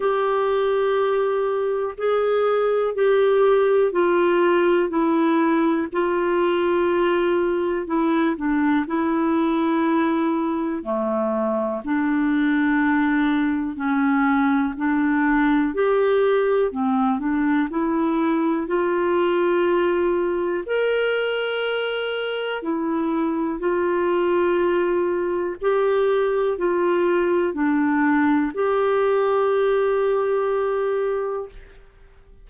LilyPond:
\new Staff \with { instrumentName = "clarinet" } { \time 4/4 \tempo 4 = 61 g'2 gis'4 g'4 | f'4 e'4 f'2 | e'8 d'8 e'2 a4 | d'2 cis'4 d'4 |
g'4 c'8 d'8 e'4 f'4~ | f'4 ais'2 e'4 | f'2 g'4 f'4 | d'4 g'2. | }